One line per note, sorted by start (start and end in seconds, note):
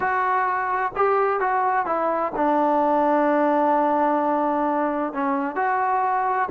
0.00 0.92 F#4
0.96 1.40 G4
1.40 1.86 F#4
1.86 2.32 E4
2.35 5.13 D4
5.13 5.55 C#4
5.55 6.48 F#4